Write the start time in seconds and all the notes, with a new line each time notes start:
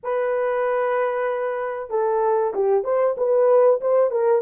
0.03 B4
1.89 A4
2.53 G4
2.84 C5
3.17 B4
3.80 C5
4.11 A#4